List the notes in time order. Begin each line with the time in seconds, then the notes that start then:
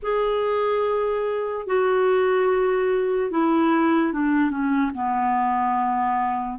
0.02 G#4
1.66 F#4
3.31 E4
4.12 D4
4.50 C#4
4.94 B3